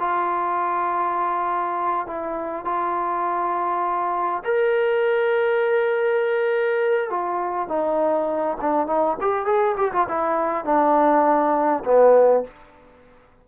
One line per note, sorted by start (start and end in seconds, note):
0.00 2.07 F4
2.07 2.65 E4
2.65 4.43 F4
4.44 7.10 A#4
7.10 7.68 F4
7.68 8.58 D#4
8.61 8.87 D4
8.87 9.17 D#4
9.21 9.46 G4
9.46 9.76 G#4
9.77 9.92 G4
9.93 10.07 F4
10.09 10.65 E4
10.65 11.84 D4
11.85 12.44 B3